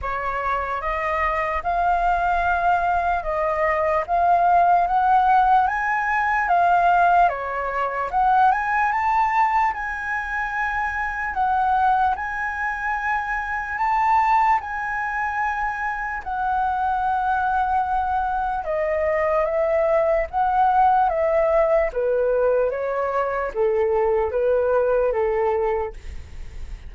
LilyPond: \new Staff \with { instrumentName = "flute" } { \time 4/4 \tempo 4 = 74 cis''4 dis''4 f''2 | dis''4 f''4 fis''4 gis''4 | f''4 cis''4 fis''8 gis''8 a''4 | gis''2 fis''4 gis''4~ |
gis''4 a''4 gis''2 | fis''2. dis''4 | e''4 fis''4 e''4 b'4 | cis''4 a'4 b'4 a'4 | }